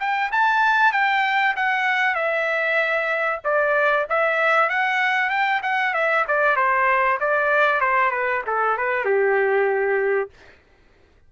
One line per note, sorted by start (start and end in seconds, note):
0.00 0.31 G5
0.32 0.93 A5
0.93 1.55 G5
1.57 2.15 F#5
2.15 3.40 E5
3.44 4.07 D5
4.10 4.70 E5
4.70 5.30 F#5
5.30 5.61 G5
5.63 5.94 F#5
5.94 6.25 E5
6.28 6.57 D5
6.57 7.19 C5
7.21 7.81 D5
7.81 8.11 C5
8.11 8.43 B4
8.47 8.78 A4
8.78 9.05 B4
9.05 10.30 G4